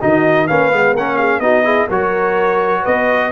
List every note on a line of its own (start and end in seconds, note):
0.00 0.49 D#3
0.00 0.47 D#4
0.00 0.47 F#4
0.00 0.47 D#5
0.47 0.72 A#3
0.47 0.71 C#4
0.47 0.93 B4
0.47 0.94 F5
0.71 0.94 G#3
0.71 0.95 B3
0.93 1.39 A#3
0.93 1.42 C#4
0.93 1.16 A#4
0.93 1.16 F#5
1.16 1.41 G#4
1.16 1.40 F5
1.39 1.86 B3
1.39 1.64 D#4
1.39 1.64 F#4
1.39 1.87 D#5
1.64 1.87 E4
1.64 1.87 G#4
1.87 2.84 F#3
1.87 3.31 F#4
1.87 2.81 A#4
1.87 2.85 C#5
2.81 3.31 B3
2.81 3.29 B4
2.81 3.31 D#5